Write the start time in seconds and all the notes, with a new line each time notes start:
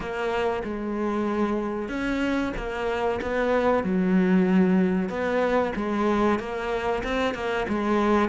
0.00 A#3
0.64 G#3
1.88 C#4
2.56 A#3
3.21 B3
3.83 F#3
5.09 B3
5.75 G#3
6.39 A#3
7.03 C4
7.34 A#3
7.68 G#3